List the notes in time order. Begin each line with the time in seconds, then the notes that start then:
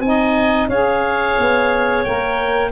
0.00 C4 D#4 G#5
0.08 D#5
0.69 C#4 G#4 C#5 F5
1.38 B3
2.04 A#3 A#4 G5